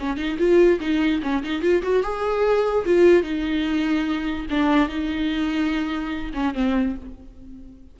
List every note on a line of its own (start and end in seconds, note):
0.00 0.17 C#4
0.17 0.38 D#4
0.39 0.80 F4
0.81 1.22 D#4
1.23 1.43 C#4
1.44 1.62 D#4
1.62 1.83 F4
1.83 2.03 F#4
2.03 2.85 G#4
2.86 3.23 F4
3.23 4.47 D#4
4.50 4.89 D4
4.89 6.33 D#4
6.34 6.55 C#4
6.55 6.96 C4